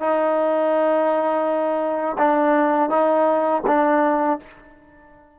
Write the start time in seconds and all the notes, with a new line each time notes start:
0.00 D#4
2.18 D4
2.89 D#4
3.67 D4